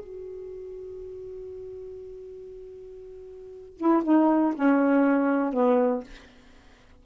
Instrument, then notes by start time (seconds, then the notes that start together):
saxophone
0.00 F#4
3.77 E4
4.03 D#4
4.55 C#4
5.53 B3